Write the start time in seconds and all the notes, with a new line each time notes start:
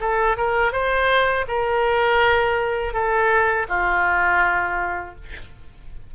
0.00 A4
0.37 A#4
0.72 C5
1.48 A#4
2.93 A4
3.69 F4